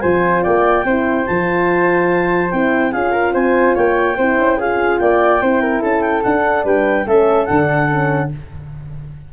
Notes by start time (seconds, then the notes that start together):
0.00 F3 F4 C5 G#5
0.43 A#3 D5 G5
0.84 C4 E4 C5
1.26 F3 F4 A5
2.50 C4 E4 G5
2.91 C#4 F4 G#4 F5
3.11 A#4
3.33 C4 C5 G#5
3.74 A#3 C#5 G5
4.16 C4 E4 C5
4.38 C#4
4.57 F4 G#4 F5
4.99 A#3 D5 G5
5.41 C4 E4 C5
5.61 A#4
5.82 C#4 A4 A5
6.01 G5
6.22 D4 F#5
6.64 G3 B4 G5
7.06 A3 C#4 A4 E5
7.45 D3 D4 F#5
7.89 C#4